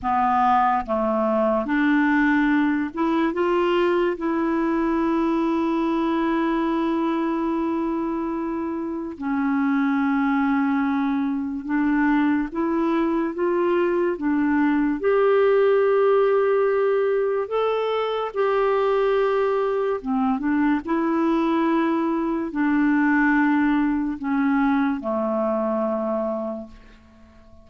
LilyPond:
\new Staff \with { instrumentName = "clarinet" } { \time 4/4 \tempo 4 = 72 b4 a4 d'4. e'8 | f'4 e'2.~ | e'2. cis'4~ | cis'2 d'4 e'4 |
f'4 d'4 g'2~ | g'4 a'4 g'2 | c'8 d'8 e'2 d'4~ | d'4 cis'4 a2 | }